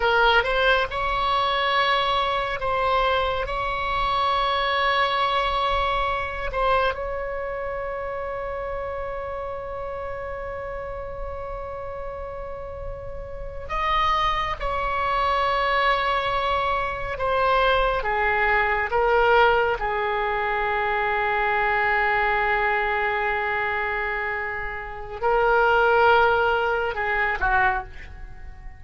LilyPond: \new Staff \with { instrumentName = "oboe" } { \time 4/4 \tempo 4 = 69 ais'8 c''8 cis''2 c''4 | cis''2.~ cis''8 c''8 | cis''1~ | cis''2.~ cis''8. dis''16~ |
dis''8. cis''2. c''16~ | c''8. gis'4 ais'4 gis'4~ gis'16~ | gis'1~ | gis'4 ais'2 gis'8 fis'8 | }